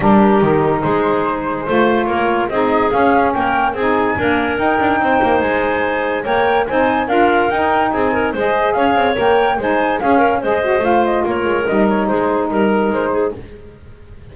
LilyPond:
<<
  \new Staff \with { instrumentName = "flute" } { \time 4/4 \tempo 4 = 144 ais'2 c''2~ | c''4 cis''4 dis''4 f''4 | g''4 gis''2 g''4~ | g''4 gis''2 g''4 |
gis''4 f''4 g''4 gis''4 | dis''4 f''4 g''4 gis''4 | f''4 dis''4 f''8 dis''8 cis''4 | dis''8 cis''8 c''4 ais'4 c''4 | }
  \new Staff \with { instrumentName = "clarinet" } { \time 4/4 g'2 gis'2 | c''4 ais'4 gis'2 | ais'4 gis'4 ais'2 | c''2. cis''4 |
c''4 ais'2 gis'8 ais'8 | c''4 cis''2 c''4 | gis'8 ais'8 c''2 ais'4~ | ais'4 gis'4 ais'4. gis'8 | }
  \new Staff \with { instrumentName = "saxophone" } { \time 4/4 d'4 dis'2. | f'2 dis'4 cis'4~ | cis'4 dis'4 ais4 dis'4~ | dis'2. ais'4 |
dis'4 f'4 dis'2 | gis'2 ais'4 dis'4 | cis'4 gis'8 fis'8 f'2 | dis'1 | }
  \new Staff \with { instrumentName = "double bass" } { \time 4/4 g4 dis4 gis2 | a4 ais4 c'4 cis'4 | ais4 c'4 d'4 dis'8 d'8 | c'8 ais8 gis2 ais4 |
c'4 d'4 dis'4 c'4 | gis4 cis'8 c'8 ais4 gis4 | cis'4 gis4 a4 ais8 gis8 | g4 gis4 g4 gis4 | }
>>